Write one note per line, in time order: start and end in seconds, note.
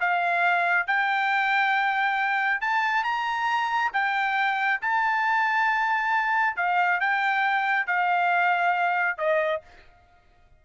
0.00 0.87 F5
0.87 2.61 G5
2.61 3.04 A5
3.04 3.91 A#5
3.93 4.80 G5
4.81 6.57 A5
6.57 7.00 F5
7.00 7.87 G5
7.87 9.18 F5
9.18 9.62 D#5